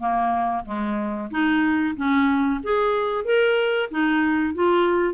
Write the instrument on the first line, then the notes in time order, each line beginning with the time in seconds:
clarinet
0.00 A#3
0.66 G#3
1.31 D#4
1.97 C#4
2.64 G#4
3.26 A#4
3.91 D#4
4.55 F4